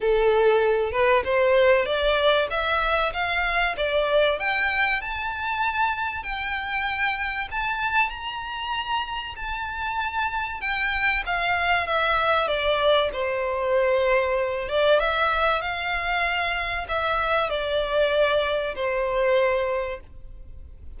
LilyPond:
\new Staff \with { instrumentName = "violin" } { \time 4/4 \tempo 4 = 96 a'4. b'8 c''4 d''4 | e''4 f''4 d''4 g''4 | a''2 g''2 | a''4 ais''2 a''4~ |
a''4 g''4 f''4 e''4 | d''4 c''2~ c''8 d''8 | e''4 f''2 e''4 | d''2 c''2 | }